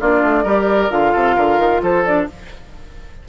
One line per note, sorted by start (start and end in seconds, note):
0.00 0.23 A#3
0.00 0.45 D4
0.00 0.43 F4
0.00 0.91 D5
0.23 0.44 A3
0.43 0.90 G3
0.43 0.90 G4
0.43 1.12 A#4
0.90 1.13 D3
0.90 2.03 F4
0.90 1.82 F5
1.12 1.37 C3
1.12 1.35 A4
1.36 1.58 D3
1.36 1.81 A#4
1.58 1.81 D#3
1.82 2.27 F3
1.82 2.28 A4
1.82 2.05 C5
2.05 2.28 D4
2.05 2.28 D5